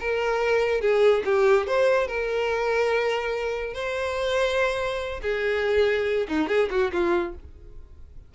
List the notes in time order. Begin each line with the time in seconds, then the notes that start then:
0.00 A#4
0.81 G#4
1.25 G4
1.67 C5
2.08 A#4
3.74 C5
5.22 G#4
6.28 D#4
6.48 G#4
6.71 F#4
6.93 F4